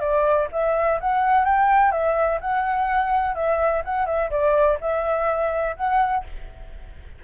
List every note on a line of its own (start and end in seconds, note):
0.00 0.48 D5
0.52 0.99 E5
1.00 1.45 F#5
1.45 1.91 G5
1.91 2.39 E5
2.41 3.35 F#5
3.35 3.82 E5
3.84 4.06 F#5
4.06 4.30 E5
4.30 4.78 D5
4.81 5.76 E5
5.76 6.24 F#5